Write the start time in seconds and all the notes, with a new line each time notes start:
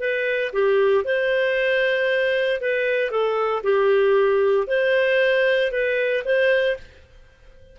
0.00 B4
0.53 G4
1.04 C5
2.61 B4
3.11 A4
3.63 G4
4.67 C5
5.72 B4
6.25 C5